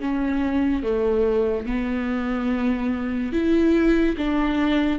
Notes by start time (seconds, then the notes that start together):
0.00 C#4
0.83 A3
1.66 B3
3.32 E4
4.17 D4